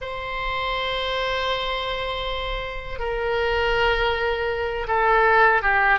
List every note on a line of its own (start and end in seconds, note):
0.01 2.99 C5
2.99 4.86 A#4
4.87 5.61 A4
5.61 5.99 G4